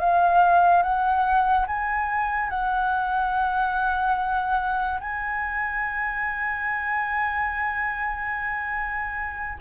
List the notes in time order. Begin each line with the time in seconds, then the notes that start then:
0.00 F5
0.83 F#5
1.67 G#5
2.50 F#5
5.00 G#5